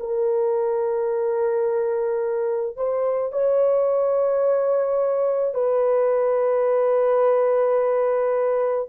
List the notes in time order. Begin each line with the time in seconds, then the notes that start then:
0.00 A#4
2.77 C5
3.33 C#5
5.55 B4